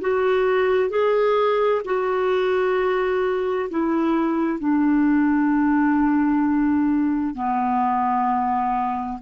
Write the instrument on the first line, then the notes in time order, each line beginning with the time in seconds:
clarinet
0.00 F#4
0.89 G#4
1.84 F#4
3.70 E4
4.59 D4
7.34 B3